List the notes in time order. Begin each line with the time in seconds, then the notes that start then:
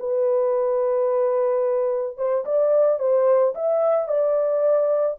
0.00 B4
2.17 C5
2.45 D5
3.00 C5
3.55 E5
4.08 D5